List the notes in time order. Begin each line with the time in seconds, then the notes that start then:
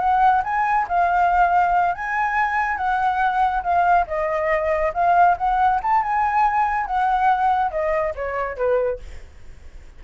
0.00 F#5
0.44 G#5
0.89 F5
1.95 G#5
2.77 F#5
3.64 F5
4.08 D#5
4.94 F5
5.38 F#5
5.83 A5
6.03 G#5
6.87 F#5
7.72 D#5
8.16 C#5
8.57 B4